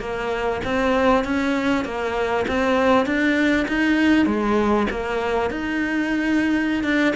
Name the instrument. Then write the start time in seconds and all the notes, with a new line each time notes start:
cello
0.00 A#3
0.64 C4
1.24 C#4
1.85 A#3
2.48 C4
3.06 D4
3.68 D#4
4.26 G#3
4.90 A#3
5.50 D#4
6.83 D4